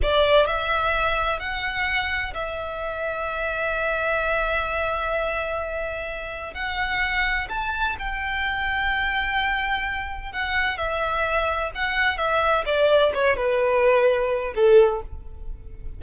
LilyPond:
\new Staff \with { instrumentName = "violin" } { \time 4/4 \tempo 4 = 128 d''4 e''2 fis''4~ | fis''4 e''2.~ | e''1~ | e''2 fis''2 |
a''4 g''2.~ | g''2 fis''4 e''4~ | e''4 fis''4 e''4 d''4 | cis''8 b'2~ b'8 a'4 | }